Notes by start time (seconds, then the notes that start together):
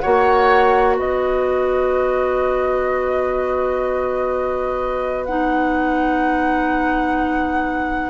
0.00 A#3 F#4 C#5 F#5
0.97 B3 B4 D#5
5.25 D#4 F#5